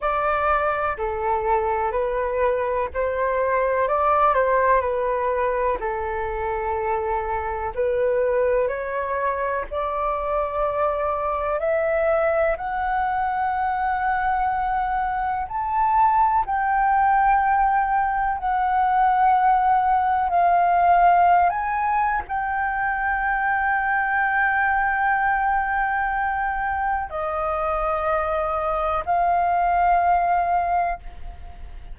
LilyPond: \new Staff \with { instrumentName = "flute" } { \time 4/4 \tempo 4 = 62 d''4 a'4 b'4 c''4 | d''8 c''8 b'4 a'2 | b'4 cis''4 d''2 | e''4 fis''2. |
a''4 g''2 fis''4~ | fis''4 f''4~ f''16 gis''8. g''4~ | g''1 | dis''2 f''2 | }